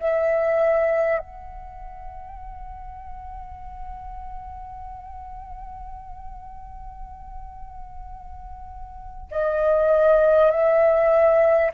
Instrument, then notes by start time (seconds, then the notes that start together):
flute
0.00 E5
1.19 F#5
9.31 D#5
10.51 E5